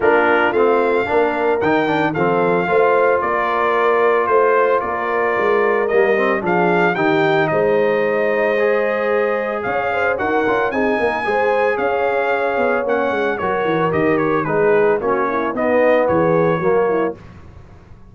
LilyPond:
<<
  \new Staff \with { instrumentName = "trumpet" } { \time 4/4 \tempo 4 = 112 ais'4 f''2 g''4 | f''2 d''2 | c''4 d''2 dis''4 | f''4 g''4 dis''2~ |
dis''2 f''4 fis''4 | gis''2 f''2 | fis''4 cis''4 dis''8 cis''8 b'4 | cis''4 dis''4 cis''2 | }
  \new Staff \with { instrumentName = "horn" } { \time 4/4 f'2 ais'2 | a'4 c''4 ais'2 | c''4 ais'2. | gis'4 g'4 c''2~ |
c''2 cis''8 c''8 ais'4 | gis'8 ais'8 c''4 cis''2~ | cis''4 ais'2 gis'4 | fis'8 e'8 dis'4 gis'4 fis'8 e'8 | }
  \new Staff \with { instrumentName = "trombone" } { \time 4/4 d'4 c'4 d'4 dis'8 d'8 | c'4 f'2.~ | f'2. ais8 c'8 | d'4 dis'2. |
gis'2. fis'8 f'8 | dis'4 gis'2. | cis'4 fis'4 g'4 dis'4 | cis'4 b2 ais4 | }
  \new Staff \with { instrumentName = "tuba" } { \time 4/4 ais4 a4 ais4 dis4 | f4 a4 ais2 | a4 ais4 gis4 g4 | f4 dis4 gis2~ |
gis2 cis'4 dis'8 cis'8 | c'8 ais8 gis4 cis'4. b8 | ais8 gis8 fis8 e8 dis4 gis4 | ais4 b4 e4 fis4 | }
>>